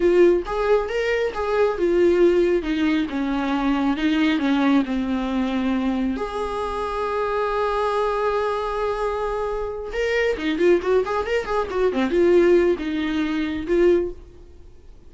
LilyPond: \new Staff \with { instrumentName = "viola" } { \time 4/4 \tempo 4 = 136 f'4 gis'4 ais'4 gis'4 | f'2 dis'4 cis'4~ | cis'4 dis'4 cis'4 c'4~ | c'2 gis'2~ |
gis'1~ | gis'2~ gis'8 ais'4 dis'8 | f'8 fis'8 gis'8 ais'8 gis'8 fis'8 c'8 f'8~ | f'4 dis'2 f'4 | }